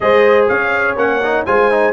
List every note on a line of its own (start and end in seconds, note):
0.00 0.49 G#3
0.00 0.97 G#4
0.00 0.50 C5
0.00 0.46 D#5
0.48 0.96 C#4
0.48 1.47 C#5
0.48 0.97 F5
0.96 1.45 A#3
0.96 1.21 C#4
0.96 1.45 F#5
1.23 1.46 D#4
1.45 1.93 G#3
1.45 1.71 F4
1.45 1.93 C5
1.45 1.93 G#5
1.71 1.93 D#4